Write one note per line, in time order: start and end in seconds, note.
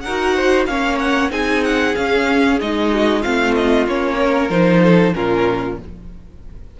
0.00 0.67 D#4
0.00 0.35 A#4
0.00 0.64 F#5
0.07 0.68 F#4
0.35 0.67 C5
0.66 1.30 A#3
0.66 1.30 C#4
0.66 1.31 C#5
0.66 0.98 F5
0.99 1.30 F#5
1.30 1.94 C4
1.30 1.94 D#4
1.30 2.91 G#4
1.30 1.64 G#5
1.64 1.95 F#5
1.95 2.60 C#4
1.95 2.59 F5
2.60 3.25 G#3
2.60 3.23 D#4
2.60 3.22 D#5
2.92 3.21 F#4
3.21 3.86 A3
3.21 3.87 C4
3.21 4.17 F4
3.21 3.54 F5
3.55 3.86 D#5
3.86 4.49 A#3
3.86 4.49 C#4
3.86 4.50 C#5
4.18 4.82 A#4
4.49 5.13 F3
4.49 5.13 D#4
4.49 5.14 C5
4.82 5.14 A4
5.14 5.79 A#2
5.14 5.77 C#4
5.14 5.80 F4
5.14 5.78 A#4